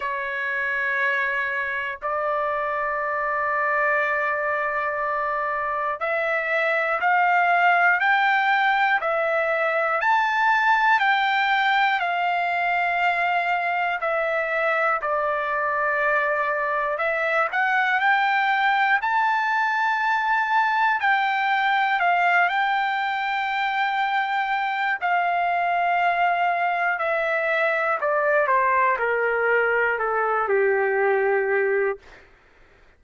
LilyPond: \new Staff \with { instrumentName = "trumpet" } { \time 4/4 \tempo 4 = 60 cis''2 d''2~ | d''2 e''4 f''4 | g''4 e''4 a''4 g''4 | f''2 e''4 d''4~ |
d''4 e''8 fis''8 g''4 a''4~ | a''4 g''4 f''8 g''4.~ | g''4 f''2 e''4 | d''8 c''8 ais'4 a'8 g'4. | }